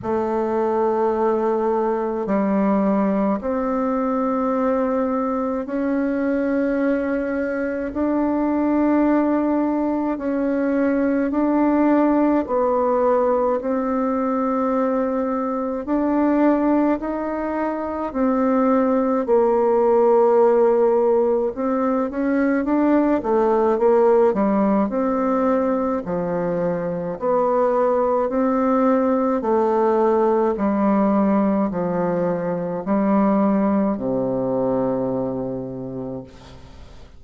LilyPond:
\new Staff \with { instrumentName = "bassoon" } { \time 4/4 \tempo 4 = 53 a2 g4 c'4~ | c'4 cis'2 d'4~ | d'4 cis'4 d'4 b4 | c'2 d'4 dis'4 |
c'4 ais2 c'8 cis'8 | d'8 a8 ais8 g8 c'4 f4 | b4 c'4 a4 g4 | f4 g4 c2 | }